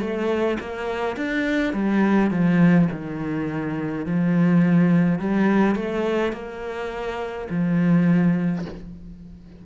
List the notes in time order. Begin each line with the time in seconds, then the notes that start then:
0.00 A3
0.60 A#3
1.16 D4
1.73 G3
2.30 F3
2.91 D#3
4.05 F3
5.19 G3
5.75 A3
6.32 A#3
7.49 F3